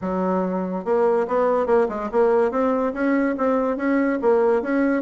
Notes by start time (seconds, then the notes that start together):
0.01 F#3
0.84 A#3
1.27 B3
1.66 A#3
1.88 G#3
2.11 A#3
2.51 C4
2.93 C#4
3.37 C4
3.76 C#4
4.21 A#3
4.62 C#4